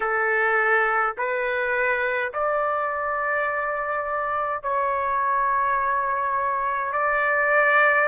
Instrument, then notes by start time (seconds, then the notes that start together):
trumpet
0.00 A4
1.17 B4
2.33 D5
4.62 C#5
6.92 D5